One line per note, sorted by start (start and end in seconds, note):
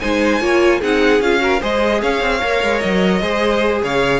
0.00 0.41 G#3
0.00 0.41 D#4
0.00 0.41 C5
0.00 0.81 G#5
0.41 0.81 A#3
0.41 0.81 F4
0.41 0.80 C#5
0.80 1.20 C4
0.80 1.22 D#4
0.80 1.40 G#4
0.80 1.21 F#5
1.20 1.60 C#4
1.20 1.38 F4
1.20 1.62 F5
1.38 1.58 F#4
1.38 1.60 A#4
1.60 2.02 G#3
1.60 2.42 G#4
1.60 2.01 C5
1.60 2.01 D#5
2.01 2.21 C#4
2.01 3.22 C#5
2.01 2.80 F5
2.21 2.41 C4
2.42 2.63 A#3
2.42 3.22 A#4
2.63 2.83 G#3
2.80 3.21 F#3
2.80 3.80 D#5
3.21 3.82 G#3
3.21 4.20 G#4
3.21 3.82 C5
3.83 4.20 C#3
3.83 4.20 C#5
3.83 4.20 F5